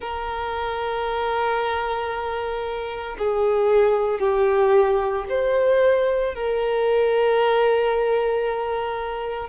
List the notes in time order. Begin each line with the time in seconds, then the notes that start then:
0.00 A#4
3.18 G#4
4.19 G4
5.29 C5
6.34 A#4